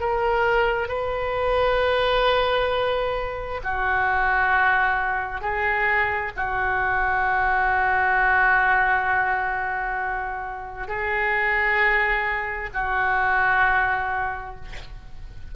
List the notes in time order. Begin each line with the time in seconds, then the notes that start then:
0.00 A#4
0.89 B4
3.64 F#4
5.41 G#4
6.36 F#4
10.88 G#4
12.74 F#4